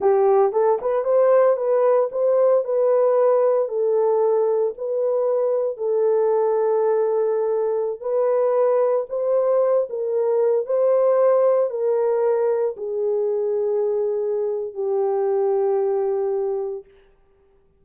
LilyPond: \new Staff \with { instrumentName = "horn" } { \time 4/4 \tempo 4 = 114 g'4 a'8 b'8 c''4 b'4 | c''4 b'2 a'4~ | a'4 b'2 a'4~ | a'2.~ a'16 b'8.~ |
b'4~ b'16 c''4. ais'4~ ais'16~ | ais'16 c''2 ais'4.~ ais'16~ | ais'16 gis'2.~ gis'8. | g'1 | }